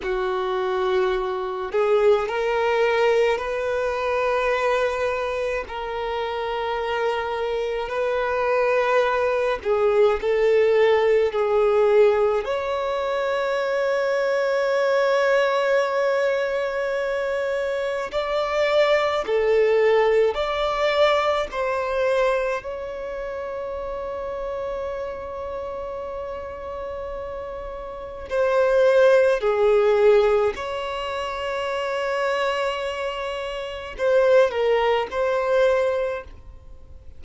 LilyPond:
\new Staff \with { instrumentName = "violin" } { \time 4/4 \tempo 4 = 53 fis'4. gis'8 ais'4 b'4~ | b'4 ais'2 b'4~ | b'8 gis'8 a'4 gis'4 cis''4~ | cis''1 |
d''4 a'4 d''4 c''4 | cis''1~ | cis''4 c''4 gis'4 cis''4~ | cis''2 c''8 ais'8 c''4 | }